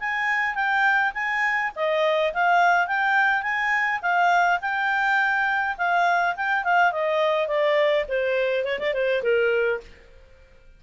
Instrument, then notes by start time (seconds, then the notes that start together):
clarinet
0.00 G#5
0.55 G5
1.15 G#5
1.76 D#5
2.34 F5
2.88 G5
3.43 G#5
4.03 F5
4.62 G5
5.78 F5
6.36 G5
6.64 F5
6.92 D#5
7.48 D5
8.09 C5
8.65 C#5
8.80 D5
8.94 C5
9.23 A#4